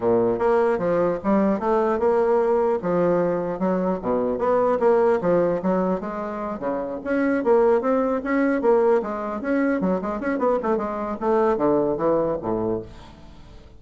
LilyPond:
\new Staff \with { instrumentName = "bassoon" } { \time 4/4 \tempo 4 = 150 ais,4 ais4 f4 g4 | a4 ais2 f4~ | f4 fis4 b,4 b4 | ais4 f4 fis4 gis4~ |
gis8 cis4 cis'4 ais4 c'8~ | c'8 cis'4 ais4 gis4 cis'8~ | cis'8 fis8 gis8 cis'8 b8 a8 gis4 | a4 d4 e4 a,4 | }